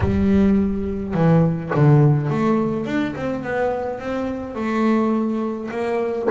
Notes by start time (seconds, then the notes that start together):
0.00 G3
1.14 E3
1.74 D3
2.29 A3
2.86 D4
3.16 C4
3.43 B3
3.99 C4
4.55 A3
5.70 A#3